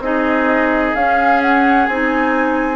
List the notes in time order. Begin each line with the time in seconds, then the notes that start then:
0.00 C4 D#4 G#4 D#5
0.95 C#4 F5
1.42 F#5
1.86 C4 D#4 G#5